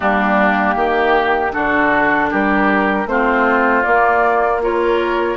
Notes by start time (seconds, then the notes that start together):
0.00 G3 A#3 D4 G4
0.75 D#3 G4
1.52 D3 D4 F#4 A4
2.30 G3 G4 A#4
3.05 A3 C4 F4 C5
3.83 A#3 D5
4.62 F4 A#4 C#5